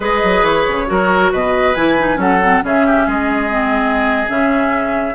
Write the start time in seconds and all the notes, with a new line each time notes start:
0.00 G#3 G#4 B4 D#5
0.23 F#3
0.42 E3 C#5
0.68 C#3
0.86 F#3 F#4 A#4
1.31 B2 B4 D#5
1.74 E3 E4 G#5
1.99 D#4
2.16 F#3 C#4 A4 F#5
2.43 C4
2.62 C#3 C#4 G#4 E5
2.86 G4
3.06 G#3 G#4 D#5
3.50 C4
4.28 C#3 C#4 E5